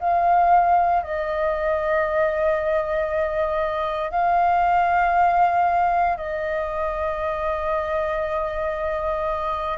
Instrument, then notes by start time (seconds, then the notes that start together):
flute
0.00 F5
1.03 D#5
4.11 F5
6.17 D#5